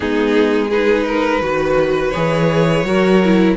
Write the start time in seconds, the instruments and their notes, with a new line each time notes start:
0.00 cello G#3, viola B3, violin D#4 G#4
0.68 viola D#4, violin G#4 B4
1.07 violin A#4
1.41 cello D#3, viola F#4, violin B4
2.10 cello E3, viola G#4, violin C#5
2.83 cello F#3, viola F#4, violin A#4
3.24 viola E4